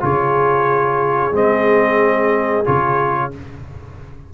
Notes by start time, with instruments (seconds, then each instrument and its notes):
0.00 tuba C#3, trombone F4, horn G#4, trumpet C#5
1.32 tuba G#3, trombone C4, trumpet D#5
2.65 tuba C#3, trombone F4, trumpet C#5